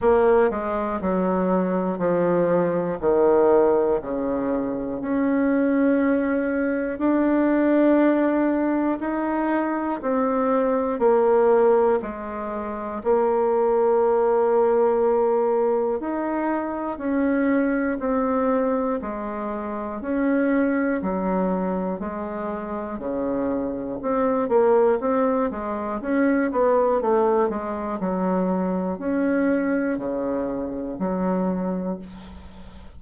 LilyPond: \new Staff \with { instrumentName = "bassoon" } { \time 4/4 \tempo 4 = 60 ais8 gis8 fis4 f4 dis4 | cis4 cis'2 d'4~ | d'4 dis'4 c'4 ais4 | gis4 ais2. |
dis'4 cis'4 c'4 gis4 | cis'4 fis4 gis4 cis4 | c'8 ais8 c'8 gis8 cis'8 b8 a8 gis8 | fis4 cis'4 cis4 fis4 | }